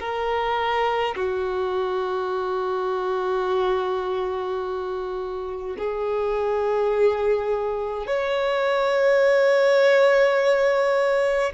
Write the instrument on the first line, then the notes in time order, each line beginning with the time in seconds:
violin
0.00 A#4
1.15 F#4
5.78 G#4
8.07 C#5